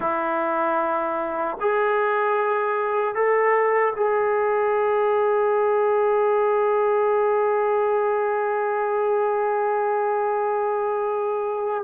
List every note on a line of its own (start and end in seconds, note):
0.00 1.57 E4
1.60 3.14 G#4
3.14 3.93 A4
3.95 11.84 G#4